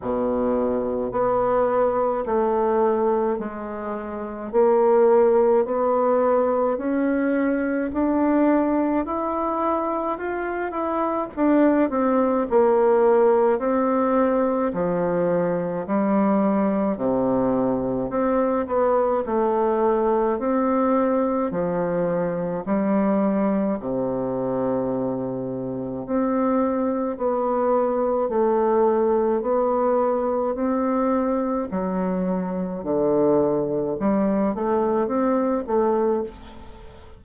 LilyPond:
\new Staff \with { instrumentName = "bassoon" } { \time 4/4 \tempo 4 = 53 b,4 b4 a4 gis4 | ais4 b4 cis'4 d'4 | e'4 f'8 e'8 d'8 c'8 ais4 | c'4 f4 g4 c4 |
c'8 b8 a4 c'4 f4 | g4 c2 c'4 | b4 a4 b4 c'4 | fis4 d4 g8 a8 c'8 a8 | }